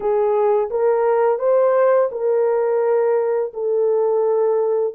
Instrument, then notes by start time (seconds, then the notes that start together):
horn
0.00 G#4
0.70 A#4
1.39 C5
2.11 A#4
3.53 A4